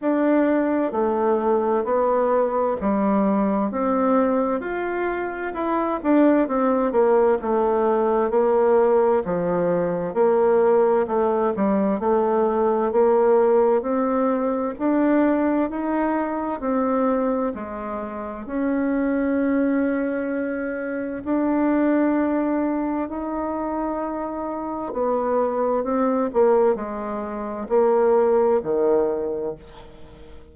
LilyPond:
\new Staff \with { instrumentName = "bassoon" } { \time 4/4 \tempo 4 = 65 d'4 a4 b4 g4 | c'4 f'4 e'8 d'8 c'8 ais8 | a4 ais4 f4 ais4 | a8 g8 a4 ais4 c'4 |
d'4 dis'4 c'4 gis4 | cis'2. d'4~ | d'4 dis'2 b4 | c'8 ais8 gis4 ais4 dis4 | }